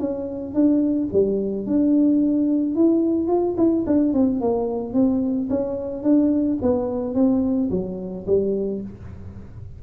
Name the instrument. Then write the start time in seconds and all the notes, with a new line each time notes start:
tuba
0.00 C#4
0.55 D4
1.13 G3
1.67 D4
2.76 E4
3.28 F4
3.58 E4
3.87 D4
4.14 C4
4.41 A#3
4.94 C4
5.50 C#4
6.03 D4
6.62 B3
7.15 C4
7.71 F#3
8.27 G3